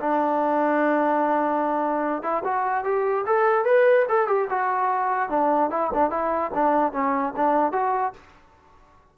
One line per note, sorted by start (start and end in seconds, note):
0.00 2.23 D4
2.23 2.43 E4
2.44 2.84 F#4
2.84 3.25 G4
3.26 3.65 A4
3.65 4.06 B4
4.09 4.28 A4
4.28 4.48 G4
4.50 5.29 F#4
5.29 5.70 D4
5.71 5.91 E4
5.94 6.10 D4
6.10 6.51 E4
6.54 6.92 D4
6.92 7.33 C#4
7.36 7.72 D4
7.72 8.13 F#4